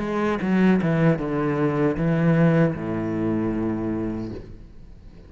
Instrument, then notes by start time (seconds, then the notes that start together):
cello
0.00 G#3
0.42 F#3
0.82 E3
1.19 D3
1.97 E3
2.76 A2